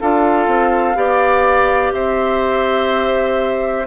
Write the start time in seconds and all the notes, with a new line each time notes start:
0.00 D4 F4 A4 F5
0.46 C4
0.94 B3 G4 D5
1.92 C4 C5 E5